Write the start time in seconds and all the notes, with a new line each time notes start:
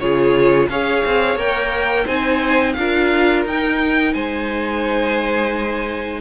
0.00 C#3 F4 G#4 C#5
0.70 C#4 G#4 C#5 F5
1.06 C4
1.36 A#3 A#4 G5
2.05 C4 D#4 C5 G#5
2.74 D4 F4 A#4 F5
3.46 D#4 G5
4.14 G#3 C5 G#5